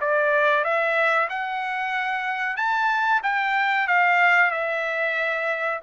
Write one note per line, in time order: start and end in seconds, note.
0.00 0.64 D5
0.64 1.28 E5
1.29 2.56 F#5
2.56 3.21 A5
3.23 3.87 G5
3.87 4.51 F5
4.51 5.80 E5